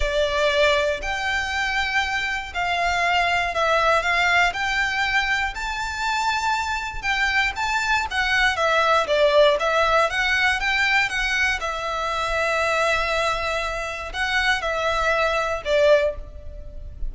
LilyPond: \new Staff \with { instrumentName = "violin" } { \time 4/4 \tempo 4 = 119 d''2 g''2~ | g''4 f''2 e''4 | f''4 g''2 a''4~ | a''2 g''4 a''4 |
fis''4 e''4 d''4 e''4 | fis''4 g''4 fis''4 e''4~ | e''1 | fis''4 e''2 d''4 | }